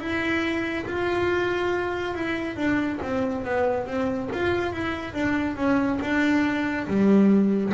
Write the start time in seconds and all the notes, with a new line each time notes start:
0.00 E4
0.86 F4
2.14 E4
2.56 D4
3.03 C4
3.45 B3
3.87 C4
4.33 F4
4.73 E4
5.14 D4
5.56 C#4
6.02 D4
6.88 G3